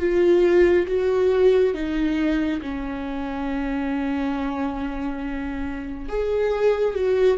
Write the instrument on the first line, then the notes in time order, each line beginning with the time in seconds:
viola
0.00 F4
0.87 F#4
1.74 D#4
2.62 C#4
6.09 G#4
6.95 F#4